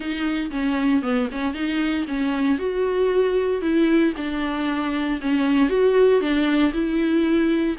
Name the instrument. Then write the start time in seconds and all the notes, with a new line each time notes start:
viola
0.00 D#4
0.50 C#4
1.02 B3
1.31 C#4
1.54 D#4
2.07 C#4
2.58 F#4
3.61 E4
4.17 D4
5.21 C#4
5.69 F#4
6.20 D4
6.73 E4